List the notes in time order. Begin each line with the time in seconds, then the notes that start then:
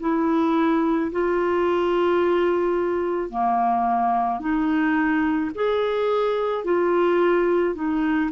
0.00 E4
1.12 F4
3.30 A#3
4.40 D#4
5.55 G#4
6.64 F4
7.75 D#4